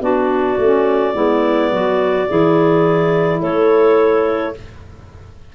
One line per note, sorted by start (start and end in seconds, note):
0.00 0.57 B3
0.00 0.57 D4
0.00 1.14 F#4
0.00 3.41 D5
0.57 1.13 A3
0.57 1.13 C#4
1.13 1.71 G#3
1.13 2.26 B3
1.13 1.70 E4
1.71 2.27 F#3
1.71 2.28 F#4
2.27 3.41 E3
2.27 4.53 E4
2.27 3.40 G#4
3.40 4.54 A3
3.40 4.53 A4
3.40 4.55 C#5